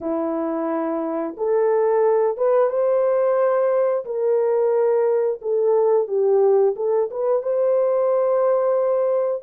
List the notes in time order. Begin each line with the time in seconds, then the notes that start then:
0.00 E4
1.37 A4
2.37 B4
2.69 C5
4.05 A#4
5.41 A4
6.07 G4
6.76 A4
7.10 B4
7.42 C5